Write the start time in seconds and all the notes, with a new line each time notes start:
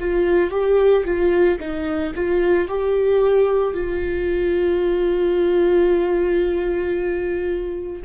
0.00 F4
0.51 G4
1.05 F4
1.60 D#4
2.15 F4
2.68 G4
3.74 F4